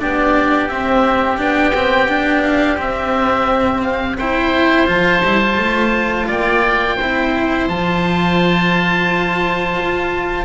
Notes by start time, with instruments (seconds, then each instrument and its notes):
0.00 double bass B3, cello D4, oboe G4 D5
0.69 cello C4, double bass C4, oboe E5
1.38 double bass B3, cello D4, oboe G5
1.75 cello C4
2.09 cello D4
2.43 oboe F5
2.78 cello C4, double bass C4, oboe E5
3.82 oboe F5
4.19 cello E4, oboe C5 G5
4.87 double bass F3, cello F4, oboe A5
5.25 double bass G3, cello E4
5.41 cello F4
5.58 double bass A3
6.28 double bass A#3, oboe D5 G5
6.97 double bass C4, oboe C5
7.03 cello E4
7.68 double bass F3, cello F4, oboe A5
9.79 double bass F4